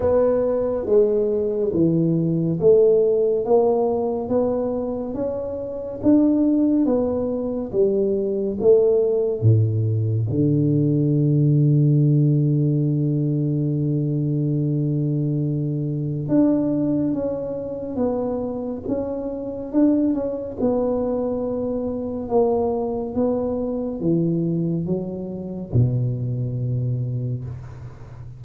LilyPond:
\new Staff \with { instrumentName = "tuba" } { \time 4/4 \tempo 4 = 70 b4 gis4 e4 a4 | ais4 b4 cis'4 d'4 | b4 g4 a4 a,4 | d1~ |
d2. d'4 | cis'4 b4 cis'4 d'8 cis'8 | b2 ais4 b4 | e4 fis4 b,2 | }